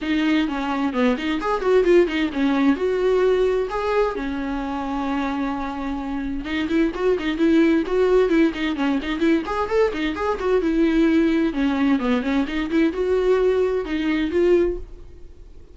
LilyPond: \new Staff \with { instrumentName = "viola" } { \time 4/4 \tempo 4 = 130 dis'4 cis'4 b8 dis'8 gis'8 fis'8 | f'8 dis'8 cis'4 fis'2 | gis'4 cis'2.~ | cis'2 dis'8 e'8 fis'8 dis'8 |
e'4 fis'4 e'8 dis'8 cis'8 dis'8 | e'8 gis'8 a'8 dis'8 gis'8 fis'8 e'4~ | e'4 cis'4 b8 cis'8 dis'8 e'8 | fis'2 dis'4 f'4 | }